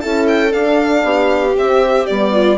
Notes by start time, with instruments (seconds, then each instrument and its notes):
0.00 bassoon C#4, horn E4, viola A4, violin A5
0.27 violin G5
0.49 horn D4, bassoon D4, violin F5
1.03 bassoon B3, viola G4
1.55 horn C4, bassoon C4, violin E5
2.06 bassoon G3, horn B3, violin D5
2.32 viola F4